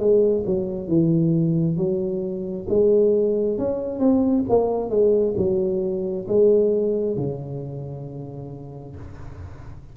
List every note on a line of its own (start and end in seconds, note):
0.00 0.45 G#3
0.47 0.88 F#3
0.88 1.77 E3
1.77 2.67 F#3
2.69 3.59 G#3
3.59 4.00 C#4
4.00 4.45 C4
4.49 4.90 A#3
4.90 5.35 G#3
5.37 6.27 F#3
6.28 7.17 G#3
7.17 8.96 C#3